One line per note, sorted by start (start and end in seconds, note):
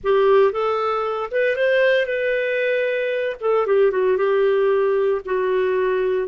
0.03 0.51 G4
0.51 1.30 A4
1.31 1.55 B4
1.55 2.06 C5
2.06 3.36 B4
3.40 3.66 A4
3.66 3.91 G4
3.91 4.17 F#4
4.17 5.21 G4
5.25 6.28 F#4